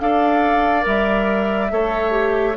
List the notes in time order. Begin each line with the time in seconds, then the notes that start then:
0.00 D4 A4 D5 F5
0.82 G3 A#4 E5
1.71 A3 A4 C#5
2.11 G4